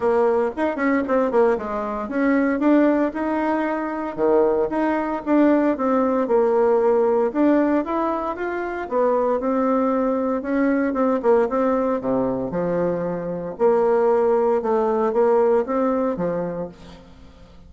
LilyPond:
\new Staff \with { instrumentName = "bassoon" } { \time 4/4 \tempo 4 = 115 ais4 dis'8 cis'8 c'8 ais8 gis4 | cis'4 d'4 dis'2 | dis4 dis'4 d'4 c'4 | ais2 d'4 e'4 |
f'4 b4 c'2 | cis'4 c'8 ais8 c'4 c4 | f2 ais2 | a4 ais4 c'4 f4 | }